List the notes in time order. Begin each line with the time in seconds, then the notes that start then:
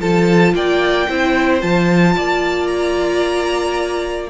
0.00 F3 F4 A4 A5
0.54 A#3 D5 G5
1.08 C4 E4 C5
1.60 F3 F4 A5
2.15 A#3 D5
2.67 A#5